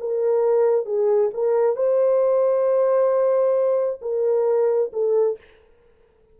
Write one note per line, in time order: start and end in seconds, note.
0.00 0.85 A#4
0.85 1.30 G#4
1.34 1.76 A#4
1.76 4.00 C5
4.02 4.91 A#4
4.93 5.38 A4